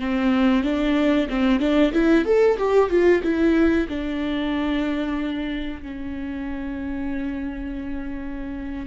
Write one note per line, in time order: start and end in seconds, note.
0.00 0.64 C4
0.64 1.28 D4
1.29 1.60 C4
1.60 1.93 D4
1.93 2.26 E4
2.26 2.58 A4
2.58 2.90 G4
2.90 3.22 F4
3.23 3.88 E4
3.89 5.83 D4
5.83 8.87 C#4